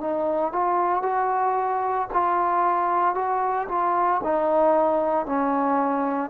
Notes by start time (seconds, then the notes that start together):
0.00 D#4
0.52 F4
1.02 F#4
2.13 F4
3.15 F#4
3.68 F4
4.23 D#4
5.26 C#4